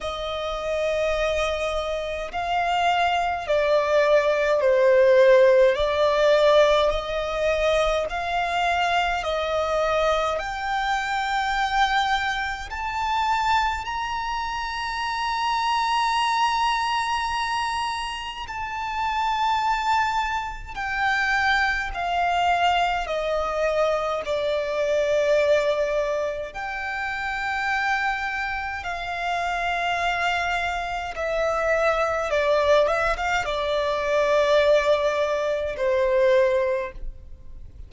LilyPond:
\new Staff \with { instrumentName = "violin" } { \time 4/4 \tempo 4 = 52 dis''2 f''4 d''4 | c''4 d''4 dis''4 f''4 | dis''4 g''2 a''4 | ais''1 |
a''2 g''4 f''4 | dis''4 d''2 g''4~ | g''4 f''2 e''4 | d''8 e''16 f''16 d''2 c''4 | }